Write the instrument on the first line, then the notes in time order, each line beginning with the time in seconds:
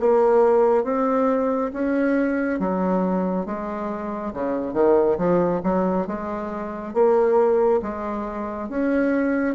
bassoon
0.00 A#3
0.84 C4
1.73 C#4
2.59 F#3
3.46 G#3
4.33 C#3
4.74 D#3
5.17 F3
5.63 F#3
6.07 G#3
6.94 A#3
7.82 G#3
8.69 C#4